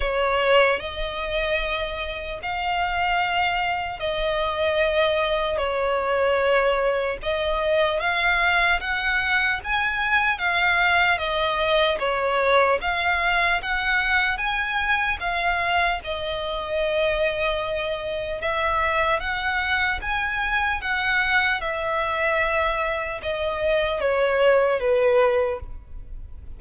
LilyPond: \new Staff \with { instrumentName = "violin" } { \time 4/4 \tempo 4 = 75 cis''4 dis''2 f''4~ | f''4 dis''2 cis''4~ | cis''4 dis''4 f''4 fis''4 | gis''4 f''4 dis''4 cis''4 |
f''4 fis''4 gis''4 f''4 | dis''2. e''4 | fis''4 gis''4 fis''4 e''4~ | e''4 dis''4 cis''4 b'4 | }